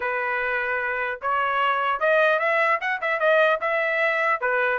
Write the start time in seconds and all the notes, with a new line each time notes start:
0.00 B4
1.21 C#5
1.99 D#5
2.39 E5
2.80 F#5
3.01 E5
3.19 D#5
3.60 E5
4.40 B4